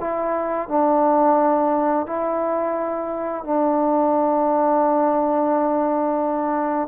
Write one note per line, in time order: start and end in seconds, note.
0.00 0.69 E4
0.69 2.07 D4
2.07 3.44 E4
3.44 6.88 D4